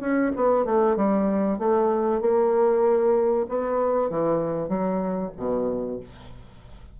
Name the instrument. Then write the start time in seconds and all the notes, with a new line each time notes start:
bassoon
0.00 C#4
0.36 B3
0.65 A3
0.96 G3
1.58 A3
2.21 A#3
3.48 B3
4.09 E3
4.68 F#3
5.37 B2